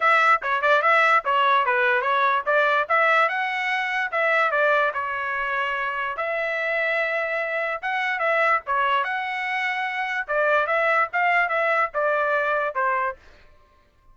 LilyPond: \new Staff \with { instrumentName = "trumpet" } { \time 4/4 \tempo 4 = 146 e''4 cis''8 d''8 e''4 cis''4 | b'4 cis''4 d''4 e''4 | fis''2 e''4 d''4 | cis''2. e''4~ |
e''2. fis''4 | e''4 cis''4 fis''2~ | fis''4 d''4 e''4 f''4 | e''4 d''2 c''4 | }